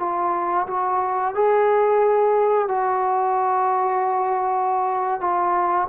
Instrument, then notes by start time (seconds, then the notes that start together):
trombone
0.00 F4
0.67 F#4
1.35 G#4
2.69 F#4
5.21 F4